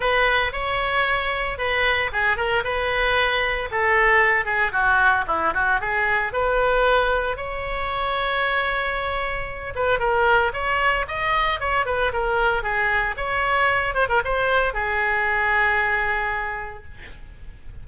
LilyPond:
\new Staff \with { instrumentName = "oboe" } { \time 4/4 \tempo 4 = 114 b'4 cis''2 b'4 | gis'8 ais'8 b'2 a'4~ | a'8 gis'8 fis'4 e'8 fis'8 gis'4 | b'2 cis''2~ |
cis''2~ cis''8 b'8 ais'4 | cis''4 dis''4 cis''8 b'8 ais'4 | gis'4 cis''4. c''16 ais'16 c''4 | gis'1 | }